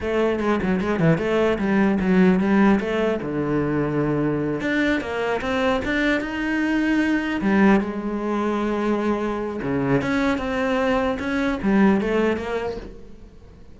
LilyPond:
\new Staff \with { instrumentName = "cello" } { \time 4/4 \tempo 4 = 150 a4 gis8 fis8 gis8 e8 a4 | g4 fis4 g4 a4 | d2.~ d8 d'8~ | d'8 ais4 c'4 d'4 dis'8~ |
dis'2~ dis'8 g4 gis8~ | gis1 | cis4 cis'4 c'2 | cis'4 g4 a4 ais4 | }